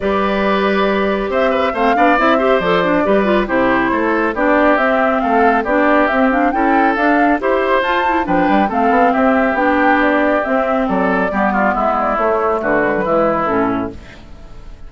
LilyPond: <<
  \new Staff \with { instrumentName = "flute" } { \time 4/4 \tempo 4 = 138 d''2. e''4 | f''4 e''4 d''2 | c''2 d''4 e''4 | f''4 d''4 e''8 f''8 g''4 |
f''4 c''4 a''4 g''4 | f''4 e''4 g''4 d''4 | e''4 d''2 e''8 d''8 | cis''4 b'2 a'4 | }
  \new Staff \with { instrumentName = "oboe" } { \time 4/4 b'2. c''8 b'8 | c''8 d''4 c''4. b'4 | g'4 a'4 g'2 | a'4 g'2 a'4~ |
a'4 c''2 b'4 | a'4 g'2.~ | g'4 a'4 g'8 f'8 e'4~ | e'4 fis'4 e'2 | }
  \new Staff \with { instrumentName = "clarinet" } { \time 4/4 g'1 | c'8 d'8 e'8 g'8 a'8 d'8 g'8 f'8 | e'2 d'4 c'4~ | c'4 d'4 c'8 d'8 e'4 |
d'4 g'4 f'8 e'8 d'4 | c'2 d'2 | c'2 b2 | a4. gis16 fis16 gis4 cis'4 | }
  \new Staff \with { instrumentName = "bassoon" } { \time 4/4 g2. c'4 | a8 b8 c'4 f4 g4 | c4 a4 b4 c'4 | a4 b4 c'4 cis'4 |
d'4 e'4 f'4 f8 g8 | a8 b8 c'4 b2 | c'4 fis4 g4 gis4 | a4 d4 e4 a,4 | }
>>